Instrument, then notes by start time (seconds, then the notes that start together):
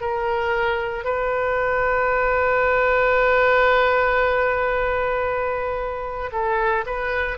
oboe
0.00 A#4
1.04 B4
6.32 A4
6.86 B4